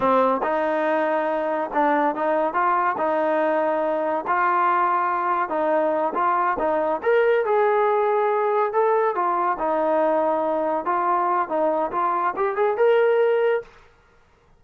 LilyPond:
\new Staff \with { instrumentName = "trombone" } { \time 4/4 \tempo 4 = 141 c'4 dis'2. | d'4 dis'4 f'4 dis'4~ | dis'2 f'2~ | f'4 dis'4. f'4 dis'8~ |
dis'8 ais'4 gis'2~ gis'8~ | gis'8 a'4 f'4 dis'4.~ | dis'4. f'4. dis'4 | f'4 g'8 gis'8 ais'2 | }